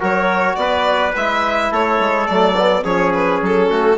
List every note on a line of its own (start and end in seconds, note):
0.00 0.57 F#3
0.00 1.13 F#4
0.00 0.57 A#4
0.00 0.56 C#5
0.56 1.13 B3
0.56 1.72 B4
0.56 1.12 D5
1.16 1.71 G#3
1.16 2.27 E4
1.16 1.73 E5
1.71 1.99 A3
1.71 2.84 A4
1.71 2.27 C#5
1.99 2.28 G#3
2.27 2.84 F#3
2.27 2.55 A3
2.27 2.84 D5
2.57 2.83 B3
2.83 3.41 F3
2.83 3.96 C#4
2.83 3.69 G#4
2.83 3.13 C#5
3.14 3.42 B4
3.42 3.70 F#3
3.42 3.99 A4
3.70 3.99 A3
3.70 3.98 F#4